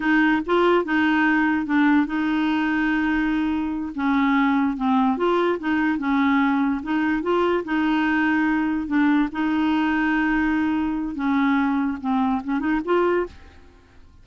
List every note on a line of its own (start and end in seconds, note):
0.00 0.41 D#4
0.46 0.84 F4
0.84 1.66 D#4
1.66 2.06 D4
2.06 3.92 D#4
3.95 4.76 C#4
4.76 5.17 C4
5.17 5.58 F4
5.59 5.98 D#4
5.98 6.81 C#4
6.82 7.22 D#4
7.22 7.63 F4
7.64 8.87 D#4
8.87 9.28 D4
9.31 11.15 D#4
11.15 11.98 C#4
12.00 12.42 C4
12.43 12.59 C#4
12.59 12.80 D#4
12.85 13.26 F4